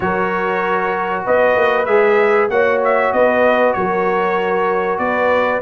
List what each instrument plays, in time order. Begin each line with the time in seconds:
0.00 tuba F#3, trombone F#4, horn A#4, trumpet C#5
1.25 tuba B3, horn B4, trumpet D#5
1.55 tuba A#3
1.85 tuba G#3, trombone G#4, trumpet E5
2.49 tuba A#3, trombone F#4, horn C#5, trumpet F#5
2.84 trumpet E5
3.12 tuba B3, horn B4, trumpet D#5
3.73 tuba F#3, horn A#4, trumpet C#5
4.98 tuba B3, horn B4, trumpet D5